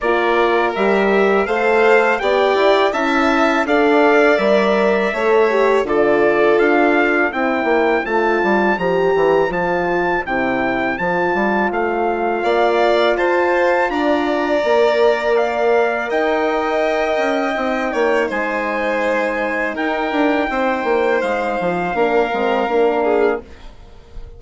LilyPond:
<<
  \new Staff \with { instrumentName = "trumpet" } { \time 4/4 \tempo 4 = 82 d''4 e''4 f''4 g''4 | a''4 f''4 e''2 | d''4 f''4 g''4 a''4 | ais''4 a''4 g''4 a''4 |
f''2 a''4 ais''4~ | ais''4 f''4 g''2~ | g''4 gis''2 g''4~ | g''4 f''2. | }
  \new Staff \with { instrumentName = "violin" } { \time 4/4 ais'2 c''4 d''4 | e''4 d''2 cis''4 | a'2 c''2~ | c''1~ |
c''4 d''4 c''4 d''4~ | d''2 dis''2~ | dis''8 cis''8 c''2 ais'4 | c''2 ais'4. gis'8 | }
  \new Staff \with { instrumentName = "horn" } { \time 4/4 f'4 g'4 a'4 g'4 | e'4 a'4 ais'4 a'8 g'8 | f'2 e'4 f'4 | g'4 f'4 e'4 f'4~ |
f'1 | ais'1 | dis'1~ | dis'2 d'8 c'8 d'4 | }
  \new Staff \with { instrumentName = "bassoon" } { \time 4/4 ais4 g4 a4 b8 e'8 | cis'4 d'4 g4 a4 | d4 d'4 c'8 ais8 a8 g8 | f8 e8 f4 c4 f8 g8 |
a4 ais4 f'4 d'4 | ais2 dis'4. cis'8 | c'8 ais8 gis2 dis'8 d'8 | c'8 ais8 gis8 f8 ais8 gis8 ais4 | }
>>